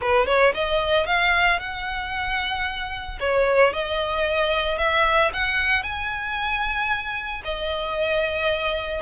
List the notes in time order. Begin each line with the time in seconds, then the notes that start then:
0.01 B4
0.26 C#5
0.54 D#5
1.06 F5
1.59 F#5
3.20 C#5
3.73 D#5
4.78 E5
5.33 F#5
5.83 G#5
7.44 D#5